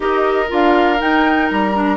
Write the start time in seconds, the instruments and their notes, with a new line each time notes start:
0.00 bassoon D#4, clarinet G4, oboe A#4, flute D#5
0.48 bassoon D4, clarinet F4, flute F5
0.98 clarinet D#4, bassoon D#4, flute G5
1.48 bassoon G3, flute A#5
1.73 clarinet D4